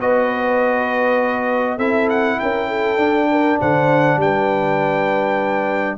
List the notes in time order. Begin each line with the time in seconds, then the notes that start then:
0.00 B3 F#4 B4 D#5
1.77 C4 E4 A4 E5
2.10 F#5
2.40 C#4 A#4 G5
2.68 A4
2.97 D4
3.31 A#4
3.59 D3 C5 F#5
4.17 G3 B4 G5